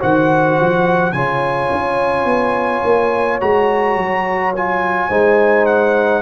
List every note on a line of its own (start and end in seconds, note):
0.00 0.60 D#3
0.00 1.13 F#4
0.00 1.13 C5
0.00 1.12 F#5
0.61 1.12 F3
1.12 1.69 C#3
1.12 3.41 F4
1.12 5.09 C#5
1.12 3.39 G#5
1.71 2.25 C#4
2.25 2.82 B3
2.84 3.40 A#3
3.41 3.96 G#3
3.41 4.54 F#4
3.41 4.54 A#5
3.96 5.09 F#3
4.56 5.10 F4
4.56 5.66 G#5
5.09 6.22 G#3
5.09 6.22 D#4
5.09 6.22 C5
5.66 6.22 F#5